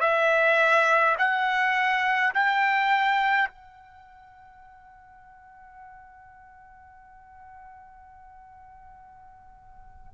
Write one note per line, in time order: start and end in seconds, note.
0.00 1.15 E5
1.18 2.33 F#5
2.34 3.48 G5
3.48 10.12 F#5